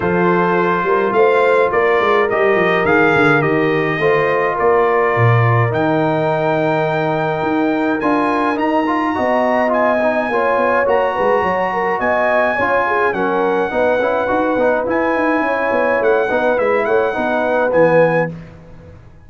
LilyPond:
<<
  \new Staff \with { instrumentName = "trumpet" } { \time 4/4 \tempo 4 = 105 c''2 f''4 d''4 | dis''4 f''4 dis''2 | d''2 g''2~ | g''2 gis''4 ais''4~ |
ais''4 gis''2 ais''4~ | ais''4 gis''2 fis''4~ | fis''2 gis''2 | fis''4 e''8 fis''4. gis''4 | }
  \new Staff \with { instrumentName = "horn" } { \time 4/4 a'4. ais'8 c''4 ais'4~ | ais'2. c''4 | ais'1~ | ais'1 |
dis''2 cis''4. b'8 | cis''8 ais'8 dis''4 cis''8 gis'8 ais'4 | b'2. cis''4~ | cis''8 b'4 cis''8 b'2 | }
  \new Staff \with { instrumentName = "trombone" } { \time 4/4 f'1 | g'4 gis'4 g'4 f'4~ | f'2 dis'2~ | dis'2 f'4 dis'8 f'8 |
fis'4 f'8 dis'8 f'4 fis'4~ | fis'2 f'4 cis'4 | dis'8 e'8 fis'8 dis'8 e'2~ | e'8 dis'8 e'4 dis'4 b4 | }
  \new Staff \with { instrumentName = "tuba" } { \time 4/4 f4. g8 a4 ais8 gis8 | g8 f8 dis8 d8 dis4 a4 | ais4 ais,4 dis2~ | dis4 dis'4 d'4 dis'4 |
b2 ais8 b8 ais8 gis8 | fis4 b4 cis'4 fis4 | b8 cis'8 dis'8 b8 e'8 dis'8 cis'8 b8 | a8 b8 gis8 a8 b4 e4 | }
>>